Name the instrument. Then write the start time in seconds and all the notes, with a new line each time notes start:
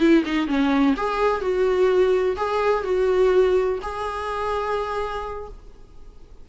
viola
0.00 E4
0.25 D#4
0.48 C#4
0.97 G#4
1.41 F#4
2.37 G#4
2.84 F#4
3.82 G#4